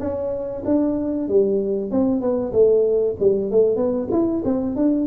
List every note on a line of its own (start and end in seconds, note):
0.00 0.63 C#4
0.65 1.28 D4
1.28 1.91 G3
1.91 2.21 C4
2.21 2.53 B3
2.53 3.16 A3
3.20 3.51 G3
3.51 3.76 A3
3.76 4.08 B3
4.11 4.43 E4
4.45 4.76 C4
4.76 5.07 D4